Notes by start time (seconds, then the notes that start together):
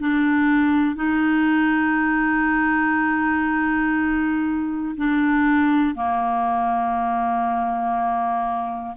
0.00 D4
0.95 D#4
4.97 D4
5.95 A#3